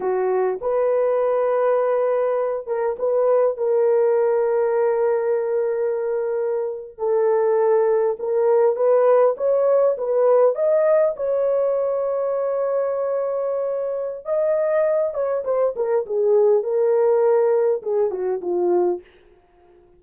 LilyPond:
\new Staff \with { instrumentName = "horn" } { \time 4/4 \tempo 4 = 101 fis'4 b'2.~ | b'8 ais'8 b'4 ais'2~ | ais'2.~ ais'8. a'16~ | a'4.~ a'16 ais'4 b'4 cis''16~ |
cis''8. b'4 dis''4 cis''4~ cis''16~ | cis''1 | dis''4. cis''8 c''8 ais'8 gis'4 | ais'2 gis'8 fis'8 f'4 | }